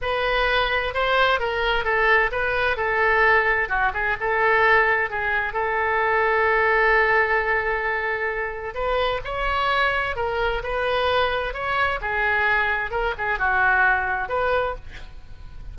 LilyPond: \new Staff \with { instrumentName = "oboe" } { \time 4/4 \tempo 4 = 130 b'2 c''4 ais'4 | a'4 b'4 a'2 | fis'8 gis'8 a'2 gis'4 | a'1~ |
a'2. b'4 | cis''2 ais'4 b'4~ | b'4 cis''4 gis'2 | ais'8 gis'8 fis'2 b'4 | }